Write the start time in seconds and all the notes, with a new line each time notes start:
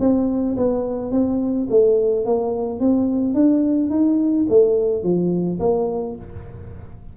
0.00 C4
0.57 B3
1.11 C4
1.70 A3
2.25 A#3
2.80 C4
3.34 D4
3.90 D#4
4.49 A3
5.03 F3
5.60 A#3